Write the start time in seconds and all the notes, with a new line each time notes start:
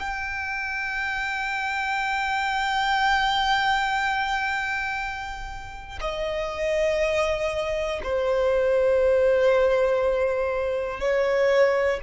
0.00 G5
6.01 D#5
8.04 C5
11.01 C#5